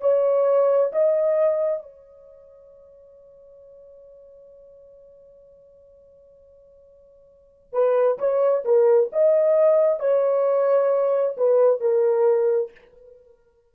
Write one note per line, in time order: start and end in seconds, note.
0.00 0.91 C#5
0.92 1.82 D#5
1.82 7.72 C#5
7.72 8.18 B4
8.18 8.64 C#5
8.64 9.10 A#4
9.12 9.99 D#5
9.99 11.36 C#5
11.37 11.80 B4
11.80 12.71 A#4